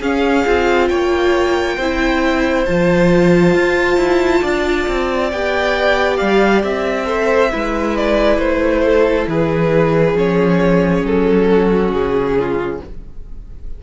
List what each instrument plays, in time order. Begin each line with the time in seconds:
0.00 cello C#4, viola C#4, violin G#4 F5
0.45 cello C4, viola F4
0.88 cello A#3, violin C#5 G5
1.76 cello C4, viola E4, violin C5
2.65 cello F3, viola F4, violin A5
3.54 cello F4
3.97 cello E4
4.41 cello D4, violin D5
4.88 cello C4
5.31 cello B3, viola G4, violin G5
6.17 cello G3, violin F5
6.63 cello C4, violin E5
7.05 viola A4, violin C5
7.51 cello G#3, viola E4, violin B4
7.96 violin D5
8.37 cello A3, violin C5
8.85 violin A4
9.27 cello E3, violin G#4 B4
10.14 cello F3, viola C#4, violin C#5
11.04 cello F#3, violin A4
11.49 violin F#4
11.92 cello C#3, violin G#4
12.39 violin F4